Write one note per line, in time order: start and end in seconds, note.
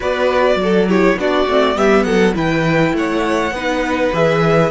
0.00 0.55 B3
0.00 0.84 F#4
0.00 0.59 B4
0.00 0.89 D5
0.55 1.14 F#3
0.62 0.88 A4
0.88 1.18 E4
0.88 1.18 G4
0.88 1.18 C#5
1.16 1.45 B3
1.16 1.47 D4
1.16 1.77 F#4
1.16 1.77 D5
1.47 1.76 A3
1.47 1.75 C4
1.75 2.04 G3
1.75 2.34 B3
1.75 2.05 G4
1.75 2.03 E5
2.03 2.33 F#3
2.03 2.35 A4
2.03 2.33 F#5
2.34 2.92 E3
2.34 3.51 E4
2.34 2.94 B4
2.34 2.95 G5
2.92 3.51 A3
2.92 3.54 C#5
2.92 4.13 F#5
3.51 4.10 B3
3.51 4.12 D#4
3.51 4.71 B4
4.12 4.71 E3
4.12 4.71 G#4
4.12 4.71 E5